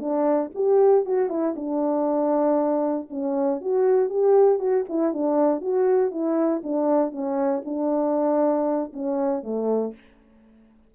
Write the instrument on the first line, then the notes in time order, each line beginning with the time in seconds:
horn
0.00 D4
0.55 G4
1.05 F#4
1.29 E4
1.56 D4
3.11 C#4
3.61 F#4
4.10 G4
4.59 F#4
4.89 E4
5.14 D4
5.61 F#4
6.11 E4
6.64 D4
7.12 C#4
7.65 D4
8.93 C#4
9.43 A3